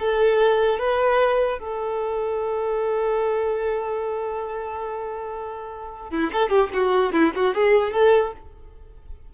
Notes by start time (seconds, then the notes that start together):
0.00 A4
0.79 B4
1.59 A4
6.11 E4
6.33 A4
6.50 G4
6.74 F#4
7.13 E4
7.36 F#4
7.55 G#4
7.93 A4